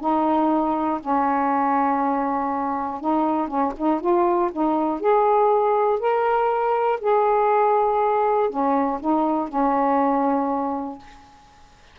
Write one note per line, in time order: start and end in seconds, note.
0.00 1.00 D#4
1.00 3.00 C#4
3.00 3.47 D#4
3.47 3.72 C#4
3.77 4.00 D#4
4.00 4.50 F4
4.52 5.00 D#4
5.00 5.99 G#4
5.99 6.99 A#4
7.00 8.49 G#4
8.49 8.99 C#4
9.00 9.48 D#4
9.48 10.98 C#4